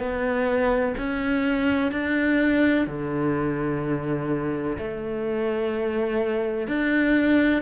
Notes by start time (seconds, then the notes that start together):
0.00 B3
0.98 C#4
1.92 D4
2.87 D3
4.78 A3
6.68 D4